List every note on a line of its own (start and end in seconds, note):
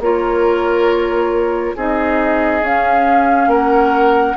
0.00 1.74 A#3
0.00 1.77 F4
0.00 1.76 A#4
0.00 1.76 C#5
1.76 2.62 C4
1.76 2.63 D#4
1.76 3.50 G#4
1.76 2.64 D#5
2.62 3.47 C#4
2.62 4.37 C#4
2.62 3.51 F5
3.47 4.34 A#3
3.47 4.37 A#4
3.47 4.37 F#5